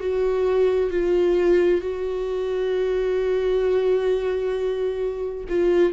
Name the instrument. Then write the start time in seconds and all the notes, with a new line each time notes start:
viola
0.00 F#4
0.90 F4
1.81 F#4
5.48 F4